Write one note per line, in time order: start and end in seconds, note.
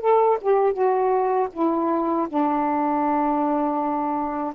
0.00 0.38 A4
0.42 0.73 G4
0.73 1.48 F#4
1.53 2.28 E4
2.28 4.53 D4